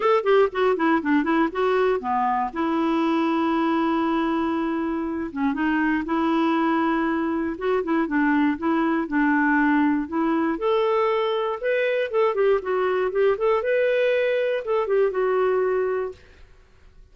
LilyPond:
\new Staff \with { instrumentName = "clarinet" } { \time 4/4 \tempo 4 = 119 a'8 g'8 fis'8 e'8 d'8 e'8 fis'4 | b4 e'2.~ | e'2~ e'8 cis'8 dis'4 | e'2. fis'8 e'8 |
d'4 e'4 d'2 | e'4 a'2 b'4 | a'8 g'8 fis'4 g'8 a'8 b'4~ | b'4 a'8 g'8 fis'2 | }